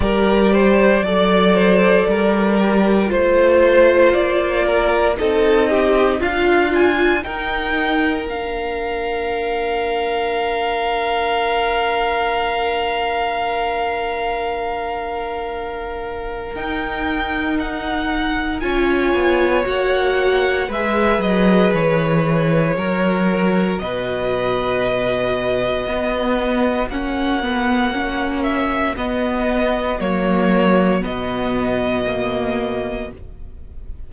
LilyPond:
<<
  \new Staff \with { instrumentName = "violin" } { \time 4/4 \tempo 4 = 58 d''2. c''4 | d''4 dis''4 f''8 gis''8 g''4 | f''1~ | f''1 |
g''4 fis''4 gis''4 fis''4 | e''8 dis''8 cis''2 dis''4~ | dis''2 fis''4. e''8 | dis''4 cis''4 dis''2 | }
  \new Staff \with { instrumentName = "violin" } { \time 4/4 ais'8 c''8 d''8 c''8 ais'4 c''4~ | c''8 ais'8 a'8 g'8 f'4 ais'4~ | ais'1~ | ais'1~ |
ais'2 cis''2 | b'2 ais'4 b'4~ | b'4 fis'2.~ | fis'1 | }
  \new Staff \with { instrumentName = "viola" } { \time 4/4 g'4 a'4. g'8 f'4~ | f'4 dis'4 f'4 dis'4 | d'1~ | d'1 |
dis'2 f'4 fis'4 | gis'2 fis'2~ | fis'4 b4 cis'8 b8 cis'4 | b4 ais4 b4 ais4 | }
  \new Staff \with { instrumentName = "cello" } { \time 4/4 g4 fis4 g4 a4 | ais4 c'4 d'4 dis'4 | ais1~ | ais1 |
dis'2 cis'8 b8 ais4 | gis8 fis8 e4 fis4 b,4~ | b,4 b4 ais2 | b4 fis4 b,2 | }
>>